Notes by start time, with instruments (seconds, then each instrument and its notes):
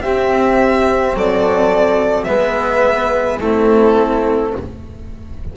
0.00 double bass C4, cello C4, flute G4, violin E5
1.13 double bass F#3, flute A4, violin D5
2.24 double bass G#3, cello B3, flute B4, violin E5
3.40 double bass A3, cello C4, flute E4, violin A4